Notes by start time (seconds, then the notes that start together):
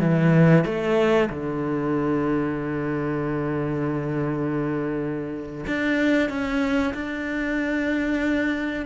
0.00 E3
0.65 A3
1.29 D3
5.67 D4
6.29 C#4
6.94 D4